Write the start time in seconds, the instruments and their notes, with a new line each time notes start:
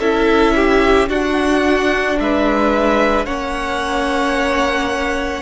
0.00 cello C#4, viola E4, violin A4 E5
0.55 violin G4
1.09 viola D4, cello D4, violin F#4 F#5
2.20 cello G#3, violin B4 E5
3.26 cello A#3, viola C#4, violin C#5 F#5